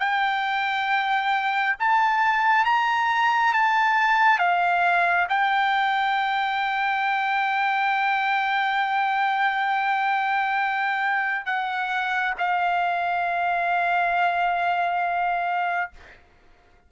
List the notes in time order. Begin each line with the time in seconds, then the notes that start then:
0.00 G5
1.80 A5
2.66 A#5
3.54 A5
4.39 F5
5.29 G5
11.46 F#5
12.39 F5